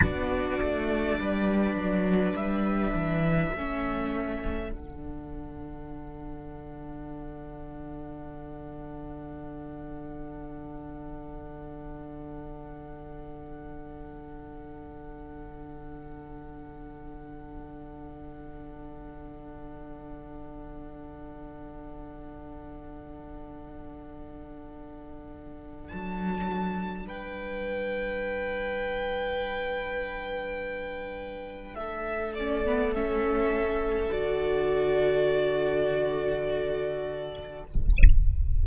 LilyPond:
<<
  \new Staff \with { instrumentName = "violin" } { \time 4/4 \tempo 4 = 51 d''2 e''2 | fis''1~ | fis''1~ | fis''1~ |
fis''1~ | fis''2 a''4 g''4~ | g''2. e''8 d''8 | e''4 d''2. | }
  \new Staff \with { instrumentName = "violin" } { \time 4/4 fis'4 b'2 a'4~ | a'1~ | a'1~ | a'1~ |
a'1~ | a'2. b'4~ | b'2. a'4~ | a'1 | }
  \new Staff \with { instrumentName = "viola" } { \time 4/4 d'2. cis'4 | d'1~ | d'1~ | d'1~ |
d'1~ | d'1~ | d'2.~ d'8 cis'16 b16 | cis'4 fis'2. | }
  \new Staff \with { instrumentName = "cello" } { \time 4/4 b8 a8 g8 fis8 g8 e8 a4 | d1~ | d1~ | d1~ |
d1~ | d2 fis4 g4~ | g2. a4~ | a4 d2. | }
>>